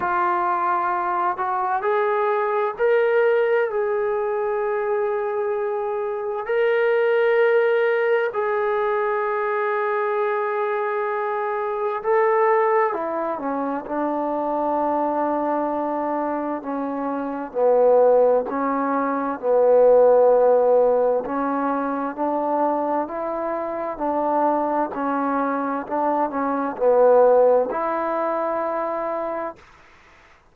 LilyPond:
\new Staff \with { instrumentName = "trombone" } { \time 4/4 \tempo 4 = 65 f'4. fis'8 gis'4 ais'4 | gis'2. ais'4~ | ais'4 gis'2.~ | gis'4 a'4 e'8 cis'8 d'4~ |
d'2 cis'4 b4 | cis'4 b2 cis'4 | d'4 e'4 d'4 cis'4 | d'8 cis'8 b4 e'2 | }